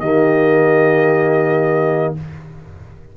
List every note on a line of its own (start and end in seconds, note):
0.00 2.15 D#3
0.00 2.17 A#3
0.00 2.15 G4
0.00 2.14 D#5